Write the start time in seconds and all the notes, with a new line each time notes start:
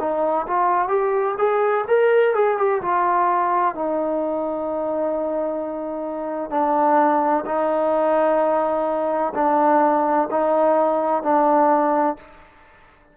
0.00 D#4
0.47 F4
0.88 G4
1.38 G#4
1.88 A#4
2.35 G#4
2.58 G4
2.82 F4
3.75 D#4
6.51 D4
7.46 D#4
9.35 D4
10.31 D#4
11.23 D4